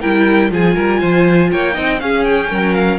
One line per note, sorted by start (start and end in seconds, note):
0.00 0.51 G3
0.00 0.51 E4
0.00 0.50 A#4
0.00 0.50 G5
0.51 0.76 F3
0.51 1.73 F4
0.51 0.75 G#4
0.51 1.51 G#5
0.75 1.01 G3
0.75 1.00 A#4
1.00 1.52 F3
1.00 1.49 C5
1.51 1.77 A#3
1.51 1.74 C#5
1.51 2.00 G5
1.73 2.01 C4
1.73 1.98 D#4
1.73 1.99 D#5
2.00 2.98 C#4
2.00 2.51 C#4
2.00 2.49 G#4
2.00 2.24 F5
2.24 2.73 G5
2.49 2.98 F#3
2.49 2.98 A#4
2.73 2.98 F5